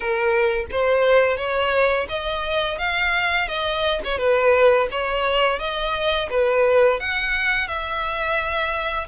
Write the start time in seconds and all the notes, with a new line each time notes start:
0.00 A#4
0.71 C5
1.37 C#5
2.09 D#5
2.78 F5
3.48 D#5
4.04 C#5
4.18 B4
4.91 C#5
5.59 D#5
6.30 B4
7.00 F#5
7.67 E5